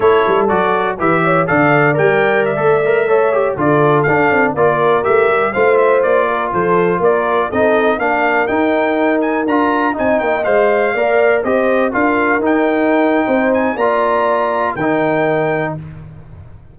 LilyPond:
<<
  \new Staff \with { instrumentName = "trumpet" } { \time 4/4 \tempo 4 = 122 cis''4 d''4 e''4 f''4 | g''4 e''2~ e''16 d''8.~ | d''16 f''4 d''4 e''4 f''8 e''16~ | e''16 d''4 c''4 d''4 dis''8.~ |
dis''16 f''4 g''4. gis''8 ais''8.~ | ais''16 gis''8 g''8 f''2 dis''8.~ | dis''16 f''4 g''2~ g''16 gis''8 | ais''2 g''2 | }
  \new Staff \with { instrumentName = "horn" } { \time 4/4 a'2 b'8 cis''8 d''4~ | d''2~ d''16 cis''4 a'8.~ | a'4~ a'16 ais'2 c''8.~ | c''8. ais'8 a'4 ais'4 a'8.~ |
a'16 ais'2.~ ais'8.~ | ais'16 dis''2 d''4 c''8.~ | c''16 ais'2~ ais'8. c''4 | d''2 ais'2 | }
  \new Staff \with { instrumentName = "trombone" } { \time 4/4 e'4 fis'4 g'4 a'4 | ais'4~ ais'16 a'8 ais'8 a'8 g'8 f'8.~ | f'16 d'4 f'4 g'4 f'8.~ | f'2.~ f'16 dis'8.~ |
dis'16 d'4 dis'2 f'8.~ | f'16 dis'4 c''4 ais'4 g'8.~ | g'16 f'4 dis'2~ dis'8. | f'2 dis'2 | }
  \new Staff \with { instrumentName = "tuba" } { \time 4/4 a8 g8 fis4 e4 d4 | g4~ g16 a2 d8.~ | d16 d'8 c'8 ais4 a8 g8 a8.~ | a16 ais4 f4 ais4 c'8.~ |
c'16 ais4 dis'2 d'8.~ | d'16 c'8 ais8 gis4 ais4 c'8.~ | c'16 d'4 dis'4.~ dis'16 c'4 | ais2 dis2 | }
>>